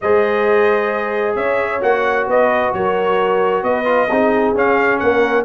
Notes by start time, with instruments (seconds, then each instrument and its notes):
0.01 tuba G#3, trombone G#4, horn C5, trumpet D#5
1.35 tuba C#4, horn C#5, trumpet E5
1.81 tuba A#3, trombone F#4, trumpet F#5
2.27 tuba B3, horn B4, trumpet D#5
2.73 tuba F#3, horn A#4, trumpet C#5
3.63 tuba B3, horn B4, trumpet D#5
3.84 trombone F4
4.08 tuba C4, trombone D#4, horn G#4
4.53 tuba C#4, trombone C#4, trumpet F5
4.99 tuba A#3, horn A#4, trumpet F#5